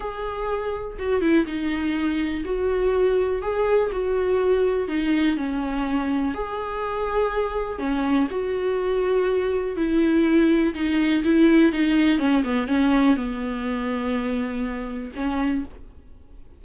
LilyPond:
\new Staff \with { instrumentName = "viola" } { \time 4/4 \tempo 4 = 123 gis'2 fis'8 e'8 dis'4~ | dis'4 fis'2 gis'4 | fis'2 dis'4 cis'4~ | cis'4 gis'2. |
cis'4 fis'2. | e'2 dis'4 e'4 | dis'4 cis'8 b8 cis'4 b4~ | b2. cis'4 | }